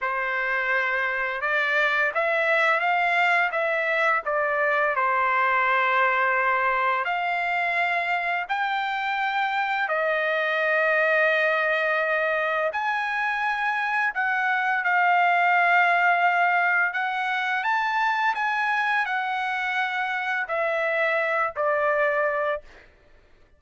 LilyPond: \new Staff \with { instrumentName = "trumpet" } { \time 4/4 \tempo 4 = 85 c''2 d''4 e''4 | f''4 e''4 d''4 c''4~ | c''2 f''2 | g''2 dis''2~ |
dis''2 gis''2 | fis''4 f''2. | fis''4 a''4 gis''4 fis''4~ | fis''4 e''4. d''4. | }